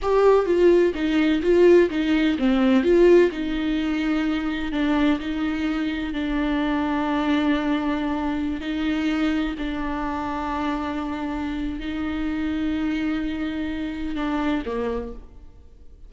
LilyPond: \new Staff \with { instrumentName = "viola" } { \time 4/4 \tempo 4 = 127 g'4 f'4 dis'4 f'4 | dis'4 c'4 f'4 dis'4~ | dis'2 d'4 dis'4~ | dis'4 d'2.~ |
d'2~ d'16 dis'4.~ dis'16~ | dis'16 d'2.~ d'8.~ | d'4 dis'2.~ | dis'2 d'4 ais4 | }